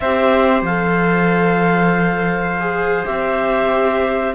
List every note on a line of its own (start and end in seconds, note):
0.00 0.62 C4
0.00 0.67 G4
0.00 4.35 C5
0.00 0.62 E5
0.62 3.04 F3
0.62 2.60 A4
0.62 3.05 F5
2.60 3.06 G#4
3.05 4.35 C4
3.05 4.35 G4
3.05 4.34 E5